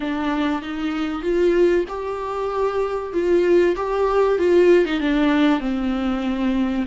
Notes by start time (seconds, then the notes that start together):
0.00 D4
0.62 D#4
1.22 F4
1.88 G4
3.13 F4
3.76 G4
4.38 F4
4.85 D#4
5.00 D4
5.60 C4